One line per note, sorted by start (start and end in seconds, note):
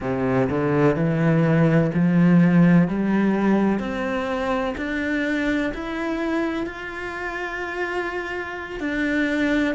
0.00 0.48 C3
0.49 0.95 D3
0.95 1.90 E3
1.94 2.88 F3
2.88 3.79 G3
3.79 4.74 C4
4.77 5.72 D4
5.74 6.66 E4
6.66 8.80 F4
8.80 9.74 D4